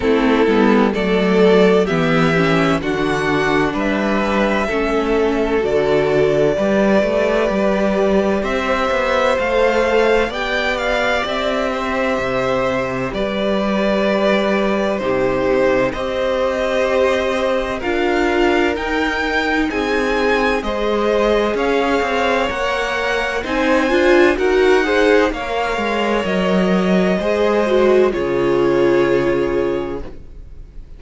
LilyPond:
<<
  \new Staff \with { instrumentName = "violin" } { \time 4/4 \tempo 4 = 64 a'4 d''4 e''4 fis''4 | e''2 d''2~ | d''4 e''4 f''4 g''8 f''8 | e''2 d''2 |
c''4 dis''2 f''4 | g''4 gis''4 dis''4 f''4 | fis''4 gis''4 fis''4 f''4 | dis''2 cis''2 | }
  \new Staff \with { instrumentName = "violin" } { \time 4/4 e'4 a'4 g'4 fis'4 | b'4 a'2 b'4~ | b'4 c''2 d''4~ | d''8 c''4. b'2 |
g'4 c''2 ais'4~ | ais'4 gis'4 c''4 cis''4~ | cis''4 c''4 ais'8 c''8 cis''4~ | cis''4 c''4 gis'2 | }
  \new Staff \with { instrumentName = "viola" } { \time 4/4 c'8 b8 a4 b8 cis'8 d'4~ | d'4 cis'4 fis'4 g'4~ | g'2 a'4 g'4~ | g'1 |
dis'4 g'2 f'4 | dis'2 gis'2 | ais'4 dis'8 f'8 fis'8 gis'8 ais'4~ | ais'4 gis'8 fis'8 f'2 | }
  \new Staff \with { instrumentName = "cello" } { \time 4/4 a8 g8 fis4 e4 d4 | g4 a4 d4 g8 a8 | g4 c'8 b8 a4 b4 | c'4 c4 g2 |
c4 c'2 d'4 | dis'4 c'4 gis4 cis'8 c'8 | ais4 c'8 d'8 dis'4 ais8 gis8 | fis4 gis4 cis2 | }
>>